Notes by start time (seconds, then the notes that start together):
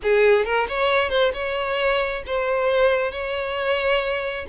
0.02 G#4
0.45 A#4
0.68 C#5
1.09 C5
1.33 C#5
2.26 C5
3.11 C#5